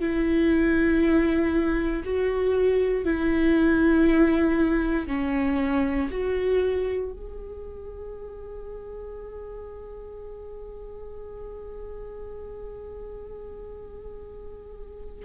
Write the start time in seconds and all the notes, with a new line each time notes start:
0.00 E4
2.05 F#4
3.05 E4
5.08 C#4
6.12 F#4
7.13 G#4